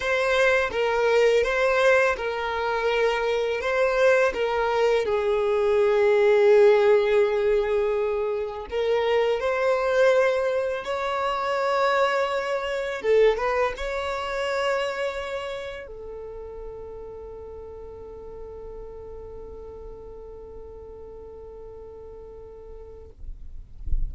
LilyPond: \new Staff \with { instrumentName = "violin" } { \time 4/4 \tempo 4 = 83 c''4 ais'4 c''4 ais'4~ | ais'4 c''4 ais'4 gis'4~ | gis'1 | ais'4 c''2 cis''4~ |
cis''2 a'8 b'8 cis''4~ | cis''2 a'2~ | a'1~ | a'1 | }